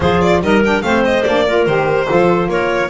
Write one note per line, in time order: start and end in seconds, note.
0.00 0.41 F3
0.00 0.42 F4
0.00 0.42 G#4
0.00 0.20 C5
0.20 0.41 D5
0.41 0.82 G3
0.41 0.63 D#4
0.41 0.84 A#4
0.41 0.63 D#5
0.63 0.82 D4
0.63 0.82 G5
0.82 1.24 A3
0.82 1.23 C4
0.82 1.46 C5
0.82 1.02 F5
1.04 1.23 D#5
1.23 1.66 A#3
1.23 1.46 D4
1.23 1.64 D5
1.46 1.67 F4
1.46 2.08 A#4
1.66 2.08 D#3
1.66 2.05 G4
1.66 2.49 C5
2.05 2.87 F4
2.05 2.49 A4
2.12 2.48 F3
2.48 2.89 A#3
2.48 2.89 A#4
2.48 2.89 C#5